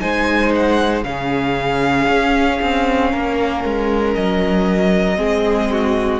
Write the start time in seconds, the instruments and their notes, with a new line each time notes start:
0.00 cello G#3, viola D#4, violin C5 G#5
0.55 violin F#5
1.03 cello C#3, viola C#4, violin G#4 F5
2.08 cello C#4
2.61 cello C4
3.11 cello A#3, violin A#4
3.64 cello G#3
4.14 cello F#3, violin D#5
5.16 cello G#3, viola C4, violin G#4
5.71 violin F#4